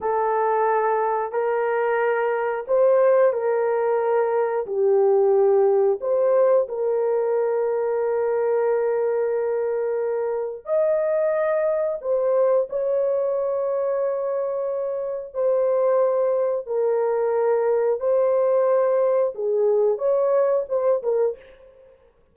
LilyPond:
\new Staff \with { instrumentName = "horn" } { \time 4/4 \tempo 4 = 90 a'2 ais'2 | c''4 ais'2 g'4~ | g'4 c''4 ais'2~ | ais'1 |
dis''2 c''4 cis''4~ | cis''2. c''4~ | c''4 ais'2 c''4~ | c''4 gis'4 cis''4 c''8 ais'8 | }